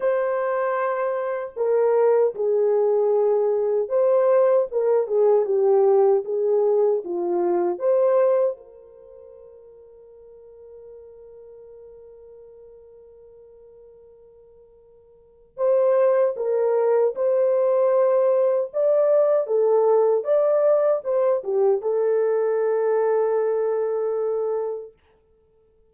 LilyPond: \new Staff \with { instrumentName = "horn" } { \time 4/4 \tempo 4 = 77 c''2 ais'4 gis'4~ | gis'4 c''4 ais'8 gis'8 g'4 | gis'4 f'4 c''4 ais'4~ | ais'1~ |
ais'1 | c''4 ais'4 c''2 | d''4 a'4 d''4 c''8 g'8 | a'1 | }